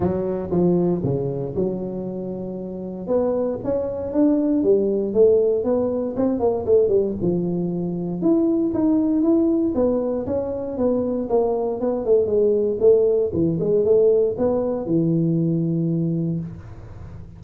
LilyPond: \new Staff \with { instrumentName = "tuba" } { \time 4/4 \tempo 4 = 117 fis4 f4 cis4 fis4~ | fis2 b4 cis'4 | d'4 g4 a4 b4 | c'8 ais8 a8 g8 f2 |
e'4 dis'4 e'4 b4 | cis'4 b4 ais4 b8 a8 | gis4 a4 e8 gis8 a4 | b4 e2. | }